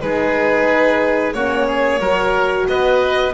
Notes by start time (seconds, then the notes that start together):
0.00 G#3 D#4 G#4 B4
1.33 A#3 C#4 F#4 C#5
1.66 G#4
1.99 F#3 F#4 A#4
2.68 B3 B4 D#5